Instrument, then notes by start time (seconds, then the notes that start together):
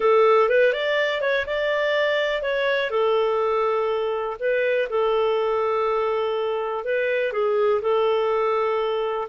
clarinet
0.00 A4
0.49 B4
0.72 D5
1.21 C#5
1.46 D5
2.42 C#5
2.90 A4
4.39 B4
4.89 A4
6.84 B4
7.32 G#4
7.81 A4